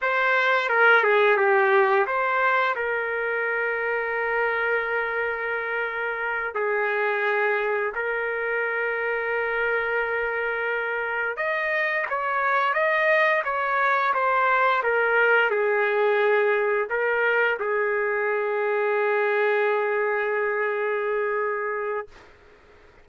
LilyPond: \new Staff \with { instrumentName = "trumpet" } { \time 4/4 \tempo 4 = 87 c''4 ais'8 gis'8 g'4 c''4 | ais'1~ | ais'4. gis'2 ais'8~ | ais'1~ |
ais'8 dis''4 cis''4 dis''4 cis''8~ | cis''8 c''4 ais'4 gis'4.~ | gis'8 ais'4 gis'2~ gis'8~ | gis'1 | }